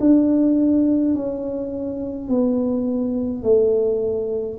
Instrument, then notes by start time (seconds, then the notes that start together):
tuba
0.00 D4
1.14 C#4
2.28 B3
3.42 A3